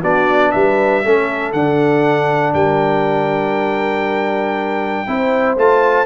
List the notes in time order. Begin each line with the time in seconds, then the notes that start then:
0.00 B3 D4 F#4 D5
0.51 G3 B4 E5
1.04 A3 C#4 A4
1.52 D3 D4 F#5
2.53 G3 A#4 G5
5.07 C4 E4 C5
5.57 A3 F4 A5